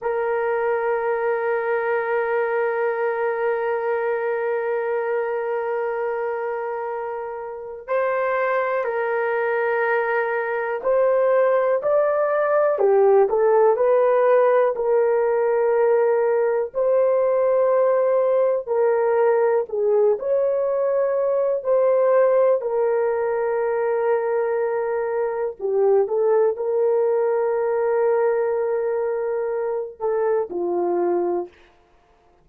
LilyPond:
\new Staff \with { instrumentName = "horn" } { \time 4/4 \tempo 4 = 61 ais'1~ | ais'1 | c''4 ais'2 c''4 | d''4 g'8 a'8 b'4 ais'4~ |
ais'4 c''2 ais'4 | gis'8 cis''4. c''4 ais'4~ | ais'2 g'8 a'8 ais'4~ | ais'2~ ais'8 a'8 f'4 | }